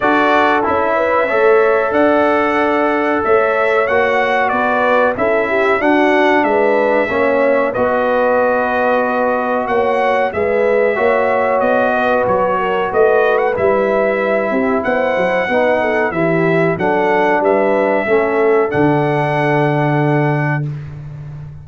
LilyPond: <<
  \new Staff \with { instrumentName = "trumpet" } { \time 4/4 \tempo 4 = 93 d''4 e''2 fis''4~ | fis''4 e''4 fis''4 d''4 | e''4 fis''4 e''2 | dis''2. fis''4 |
e''2 dis''4 cis''4 | dis''8. fis''16 e''2 fis''4~ | fis''4 e''4 fis''4 e''4~ | e''4 fis''2. | }
  \new Staff \with { instrumentName = "horn" } { \time 4/4 a'4. b'8 cis''4 d''4~ | d''4 cis''2 b'4 | a'8 g'8 fis'4 b'4 cis''4 | b'2. cis''4 |
b'4 cis''4. b'4 ais'8 | b'2~ b'8 g'8 c''4 | b'8 a'8 g'4 a'4 b'4 | a'1 | }
  \new Staff \with { instrumentName = "trombone" } { \time 4/4 fis'4 e'4 a'2~ | a'2 fis'2 | e'4 d'2 cis'4 | fis'1 |
gis'4 fis'2.~ | fis'4 e'2. | dis'4 e'4 d'2 | cis'4 d'2. | }
  \new Staff \with { instrumentName = "tuba" } { \time 4/4 d'4 cis'4 a4 d'4~ | d'4 a4 ais4 b4 | cis'4 d'4 gis4 ais4 | b2. ais4 |
gis4 ais4 b4 fis4 | a4 g4. c'8 b8 fis8 | b4 e4 fis4 g4 | a4 d2. | }
>>